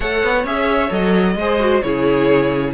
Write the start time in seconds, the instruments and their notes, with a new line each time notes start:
0.00 cello A3, viola A4, violin C#5 F#5
0.23 cello B3
0.44 cello C#4, viola G#4, violin E5
0.89 cello F#3, viola A4, violin D#5
1.35 cello G#3, viola G#4, violin C5
1.59 viola F#4
1.81 cello C#3, viola E4, violin G#4 C#5